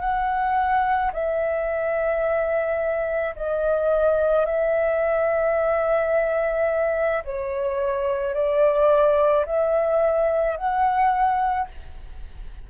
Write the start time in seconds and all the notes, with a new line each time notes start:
0.00 F#5
1.12 E5
3.35 D#5
4.45 E5
7.24 C#5
8.34 D5
9.45 E5
10.57 F#5